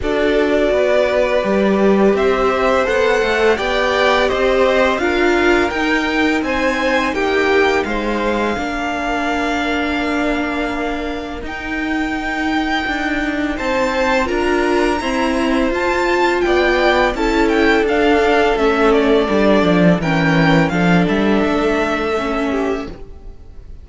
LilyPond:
<<
  \new Staff \with { instrumentName = "violin" } { \time 4/4 \tempo 4 = 84 d''2. e''4 | fis''4 g''4 dis''4 f''4 | g''4 gis''4 g''4 f''4~ | f''1 |
g''2. a''4 | ais''2 a''4 g''4 | a''8 g''8 f''4 e''8 d''4. | g''4 f''8 e''2~ e''8 | }
  \new Staff \with { instrumentName = "violin" } { \time 4/4 a'4 b'2 c''4~ | c''4 d''4 c''4 ais'4~ | ais'4 c''4 g'4 c''4 | ais'1~ |
ais'2. c''4 | ais'4 c''2 d''4 | a'1 | ais'4 a'2~ a'8 g'8 | }
  \new Staff \with { instrumentName = "viola" } { \time 4/4 fis'2 g'2 | a'4 g'2 f'4 | dis'1 | d'1 |
dis'1 | f'4 c'4 f'2 | e'4 d'4 cis'4 d'4 | cis'4 d'2 cis'4 | }
  \new Staff \with { instrumentName = "cello" } { \time 4/4 d'4 b4 g4 c'4 | b8 a8 b4 c'4 d'4 | dis'4 c'4 ais4 gis4 | ais1 |
dis'2 d'4 c'4 | d'4 e'4 f'4 b4 | cis'4 d'4 a4 g8 f8 | e4 f8 g8 a2 | }
>>